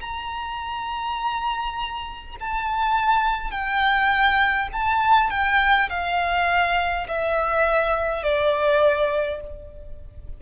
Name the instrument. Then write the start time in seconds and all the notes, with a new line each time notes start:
violin
0.00 A#5
2.40 A5
3.50 G5
4.72 A5
5.30 G5
5.89 F5
7.07 E5
8.22 D5